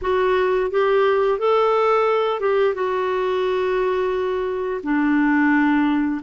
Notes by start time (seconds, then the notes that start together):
0.01 F#4
0.70 G4
1.38 A4
2.39 G4
2.74 F#4
4.83 D4